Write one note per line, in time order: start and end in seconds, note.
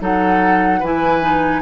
0.00 0.81 F#3
0.00 0.81 D#4
0.00 0.79 A4
0.00 0.83 F#5
0.79 1.62 E3
0.79 1.21 E4
0.79 1.60 B4
0.79 1.62 G#5
1.21 1.62 D#4